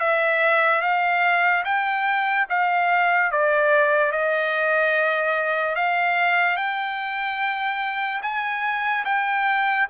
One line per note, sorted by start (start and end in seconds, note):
0.00 0.81 E5
0.81 1.64 F5
1.65 2.47 G5
2.50 3.32 F5
3.32 4.12 D5
4.12 5.76 D#5
5.76 6.57 F5
6.57 8.21 G5
8.23 9.05 G#5
9.05 9.87 G5